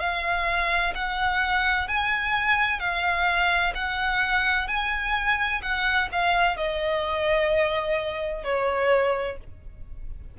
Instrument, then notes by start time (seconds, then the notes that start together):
violin
0.00 F5
0.95 F#5
1.88 G#5
2.80 F5
3.75 F#5
4.68 G#5
5.62 F#5
6.12 F5
6.58 D#5
8.44 C#5